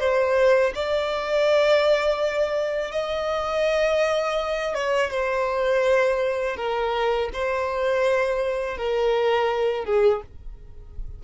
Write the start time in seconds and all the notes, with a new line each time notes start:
0.00 C5
0.75 D5
2.92 D#5
4.75 C#5
5.11 C5
6.57 A#4
7.34 C5
8.78 A#4
9.85 G#4